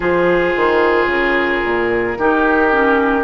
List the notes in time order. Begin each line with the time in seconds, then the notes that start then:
0.00 F3 F4 G#4 C5
0.56 D#3
1.05 C#3 A#4
1.63 A#2
2.18 D#3 D#4 G4
2.71 C#4